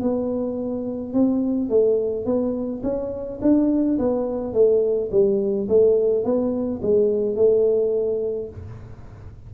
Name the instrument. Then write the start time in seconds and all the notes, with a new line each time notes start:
tuba
0.00 B3
1.13 C4
1.69 A3
2.25 B3
2.83 C#4
3.41 D4
3.98 B3
4.53 A3
5.11 G3
5.68 A3
6.24 B3
6.82 G#3
7.35 A3